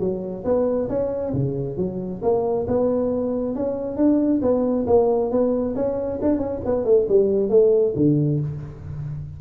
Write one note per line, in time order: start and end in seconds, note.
0.00 0.44 F#3
0.45 0.89 B3
0.89 1.33 C#4
1.34 1.77 C#3
1.77 2.21 F#3
2.22 2.67 A#3
2.68 3.56 B3
3.56 3.97 C#4
3.97 4.41 D4
4.42 4.86 B3
4.87 5.31 A#3
5.31 5.75 B3
5.76 6.20 C#4
6.22 6.39 D4
6.39 6.61 C#4
6.65 6.85 B3
6.85 7.07 A3
7.09 7.50 G3
7.50 7.94 A3
7.96 8.40 D3